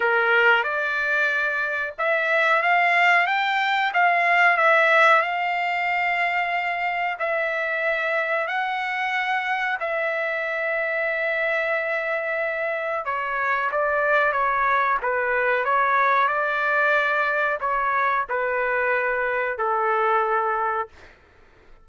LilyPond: \new Staff \with { instrumentName = "trumpet" } { \time 4/4 \tempo 4 = 92 ais'4 d''2 e''4 | f''4 g''4 f''4 e''4 | f''2. e''4~ | e''4 fis''2 e''4~ |
e''1 | cis''4 d''4 cis''4 b'4 | cis''4 d''2 cis''4 | b'2 a'2 | }